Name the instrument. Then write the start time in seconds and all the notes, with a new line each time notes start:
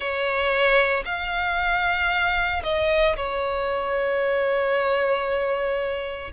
violin
0.00 C#5
1.05 F5
2.63 D#5
3.16 C#5